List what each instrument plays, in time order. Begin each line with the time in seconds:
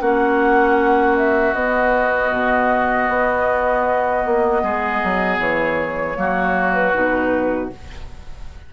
0.00 bassoon A#3, clarinet C#4, oboe F#4, flute F#5
1.16 flute E5
1.53 bassoon B3, clarinet B3, flute D#5
2.31 bassoon B2
3.08 bassoon B3
4.25 bassoon A#3
4.63 bassoon G#3, oboe G#4
5.03 bassoon F#3
5.39 bassoon E3, flute C#5
6.14 bassoon F#3, clarinet A#3, oboe F#4
6.73 flute B4
6.93 bassoon B2, clarinet D#4